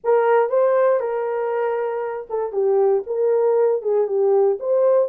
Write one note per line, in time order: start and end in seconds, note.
0.04 0.49 A#4
0.49 1.00 C5
1.00 2.27 A#4
2.29 2.52 A4
2.52 3.03 G4
3.06 3.82 A#4
3.82 4.07 G#4
4.07 4.58 G4
4.59 5.08 C5